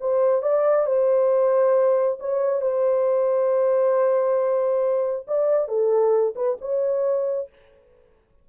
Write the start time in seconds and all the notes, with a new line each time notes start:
0.00 C5
0.42 D5
0.86 C5
2.19 C#5
2.61 C5
5.27 D5
5.68 A4
6.35 B4
6.61 C#5